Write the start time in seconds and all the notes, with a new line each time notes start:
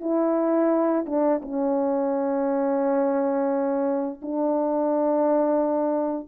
0.00 E4
1.06 D4
1.41 C#4
4.21 D4